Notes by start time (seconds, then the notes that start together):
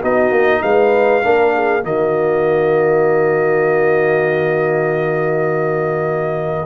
0.00 B3 D#4 F#4 D#5
0.32 A#3
0.63 G#3 B4 F5
1.23 A#3 D4 A#4
1.55 G#4
1.82 D#3 A#3 F#4 D#5